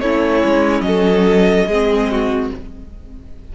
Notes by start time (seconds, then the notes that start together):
0.00 A3 C#4 E4 C#5
0.44 G#3
0.80 F#3 A4 D#5
1.66 G#3 C4 G#4
2.10 F#4